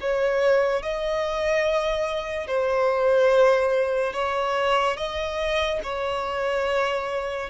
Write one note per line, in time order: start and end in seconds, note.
0.00 0.82 C#5
0.82 2.47 D#5
2.47 4.13 C5
4.13 4.97 C#5
4.97 5.80 D#5
5.83 7.49 C#5